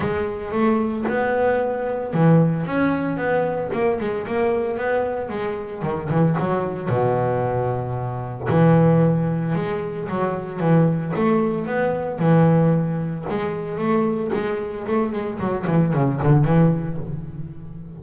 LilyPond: \new Staff \with { instrumentName = "double bass" } { \time 4/4 \tempo 4 = 113 gis4 a4 b2 | e4 cis'4 b4 ais8 gis8 | ais4 b4 gis4 dis8 e8 | fis4 b,2. |
e2 gis4 fis4 | e4 a4 b4 e4~ | e4 gis4 a4 gis4 | a8 gis8 fis8 e8 cis8 d8 e4 | }